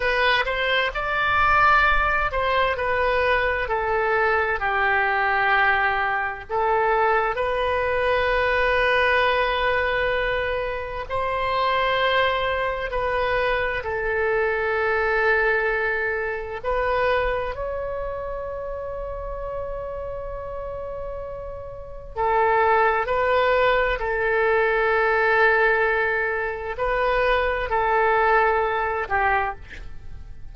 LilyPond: \new Staff \with { instrumentName = "oboe" } { \time 4/4 \tempo 4 = 65 b'8 c''8 d''4. c''8 b'4 | a'4 g'2 a'4 | b'1 | c''2 b'4 a'4~ |
a'2 b'4 cis''4~ | cis''1 | a'4 b'4 a'2~ | a'4 b'4 a'4. g'8 | }